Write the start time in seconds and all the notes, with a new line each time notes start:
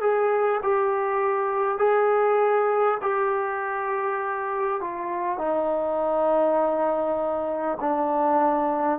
0.00 G#4
0.62 G4
1.77 G#4
3.01 G4
4.81 F4
5.38 D#4
7.80 D4